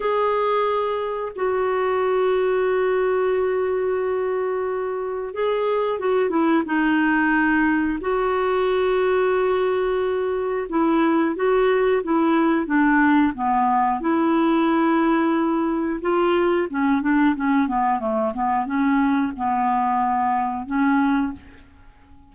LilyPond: \new Staff \with { instrumentName = "clarinet" } { \time 4/4 \tempo 4 = 90 gis'2 fis'2~ | fis'1 | gis'4 fis'8 e'8 dis'2 | fis'1 |
e'4 fis'4 e'4 d'4 | b4 e'2. | f'4 cis'8 d'8 cis'8 b8 a8 b8 | cis'4 b2 cis'4 | }